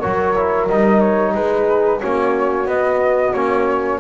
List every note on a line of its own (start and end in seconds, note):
0.00 0.69 F#3
0.00 0.35 F#4
0.00 1.33 A#4
0.00 0.67 C#5
0.36 0.69 E4
0.67 1.35 G3
0.67 2.01 D#4
0.67 1.00 D#5
1.00 1.33 C#5
1.34 2.01 G#3
1.34 2.00 G#4
1.34 2.01 B4
2.00 2.66 A#3
2.00 2.67 C#4
2.00 4.00 F#4
2.00 2.68 C#5
2.66 3.33 B3
2.66 3.33 D#5
3.33 4.00 A#3
3.33 4.00 C#4
3.33 4.00 C#5